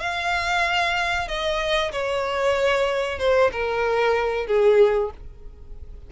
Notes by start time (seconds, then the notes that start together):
0.00 F5
1.28 D#5
1.91 C#5
3.19 C5
3.52 A#4
4.47 G#4